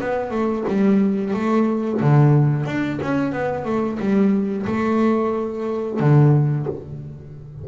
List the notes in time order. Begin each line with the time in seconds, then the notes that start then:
0.00 B3
0.30 A3
0.68 G3
1.33 A3
2.01 D3
2.65 D4
3.02 C#4
3.32 B3
3.65 A3
3.99 G3
4.66 A3
5.99 D3